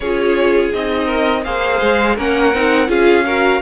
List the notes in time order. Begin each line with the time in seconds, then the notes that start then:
0.00 C#4 F4 G#4 C#5
0.73 C4 D#4 D#5
1.05 A#4
1.44 A#3 G#4 C5 F5
1.81 G#3
2.15 A#3 C#4 A#4 F#5
2.53 C4 D#4
2.87 C#4 F4 G#4 F5
3.25 F#4 A#4